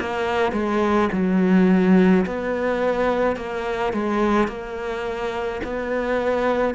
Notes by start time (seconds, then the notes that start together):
0.00 A#3
0.52 G#3
1.12 F#3
2.26 B3
3.37 A#3
3.93 G#3
4.48 A#3
5.64 B3